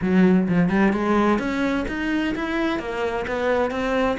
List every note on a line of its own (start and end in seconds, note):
0.01 0.48 F#3
0.48 0.69 F3
0.69 0.92 G3
0.93 1.38 G#3
1.38 1.85 C#4
1.88 2.34 D#4
2.35 2.79 E4
2.79 3.25 A#3
3.27 3.70 B3
3.70 4.17 C4